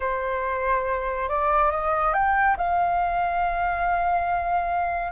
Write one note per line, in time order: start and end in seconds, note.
0.00 1.28 C5
1.28 1.71 D5
1.71 2.13 D#5
2.13 2.56 G5
2.57 5.12 F5